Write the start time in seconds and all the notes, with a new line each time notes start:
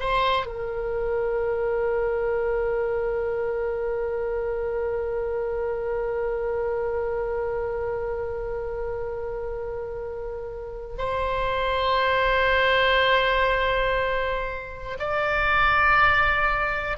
0.00 C5
0.45 A#4
10.98 C5
14.99 D5